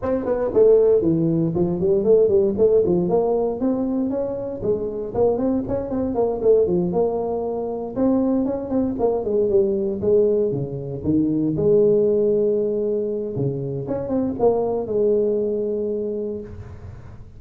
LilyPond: \new Staff \with { instrumentName = "tuba" } { \time 4/4 \tempo 4 = 117 c'8 b8 a4 e4 f8 g8 | a8 g8 a8 f8 ais4 c'4 | cis'4 gis4 ais8 c'8 cis'8 c'8 | ais8 a8 f8 ais2 c'8~ |
c'8 cis'8 c'8 ais8 gis8 g4 gis8~ | gis8 cis4 dis4 gis4.~ | gis2 cis4 cis'8 c'8 | ais4 gis2. | }